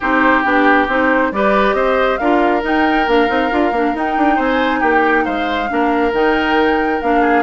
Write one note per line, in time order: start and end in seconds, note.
0.00 0.44 C4
0.00 0.44 D#4
0.00 1.31 G4
0.00 0.42 C5
0.42 0.88 B3
0.42 0.87 D4
0.42 0.86 G4
0.88 1.31 C4
0.88 1.33 D#4
0.88 1.32 C5
1.31 1.73 G3
1.31 2.20 G4
1.31 1.75 B4
1.31 1.73 D5
1.73 2.17 C4
1.73 2.19 C5
1.73 2.17 D#5
2.17 2.63 D4
2.17 2.61 F4
2.17 4.35 A#4
2.17 2.61 F5
2.61 3.05 D#4
2.61 3.07 D#4
2.61 3.09 G5
3.07 3.29 A#3
3.07 3.27 D4
3.07 3.96 F5
3.27 3.51 C4
3.27 3.49 D#4
3.50 3.71 D4
3.50 3.72 F4
3.71 3.93 A#3
3.71 3.94 D4
3.94 4.16 D#4
3.94 5.68 D#4
3.94 4.40 G5
4.17 4.38 D4
4.35 4.82 C4
4.35 4.79 C5
4.35 4.80 G#5
4.80 5.25 A#3
4.80 5.24 G4
4.80 5.24 G5
5.24 5.70 G#3
5.24 5.68 C5
5.24 6.12 F5
5.68 6.12 A#3
5.68 6.11 D4
5.68 7.21 A#4
6.12 6.99 D#3
6.12 7.01 D#4
6.12 7.01 G5
7.01 7.43 A#3
7.01 7.43 D4
7.01 7.43 F5
7.21 7.43 G#4